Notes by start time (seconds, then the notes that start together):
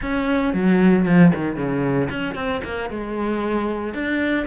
0.01 C#4
0.53 F#3
1.05 F3
1.34 D#3
1.56 C#3
2.09 C#4
2.34 C4
2.64 A#3
2.89 G#3
3.94 D4